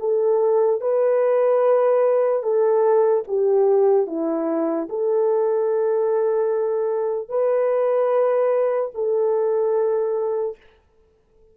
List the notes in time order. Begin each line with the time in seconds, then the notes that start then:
0.00 A4
0.81 B4
2.43 A4
3.28 G4
4.07 E4
4.90 A4
7.29 B4
8.95 A4